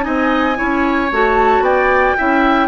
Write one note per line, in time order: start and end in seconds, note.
0.00 0.59 C4
0.00 0.53 D#4
0.00 0.57 D#5
0.00 1.10 G#5
0.55 1.11 C#4
0.55 1.08 E4
0.55 1.63 C#5
1.11 1.60 A3
1.11 2.17 F#4
1.11 1.63 A5
1.60 2.13 B3
1.60 2.16 D5
1.60 2.67 G5
2.17 2.67 C#4
2.17 2.67 E4
2.17 2.67 E5